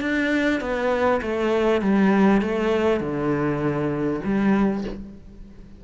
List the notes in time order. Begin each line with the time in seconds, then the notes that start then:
0.00 D4
0.61 B3
1.21 A3
1.81 G3
2.41 A3
3.00 D3
4.24 G3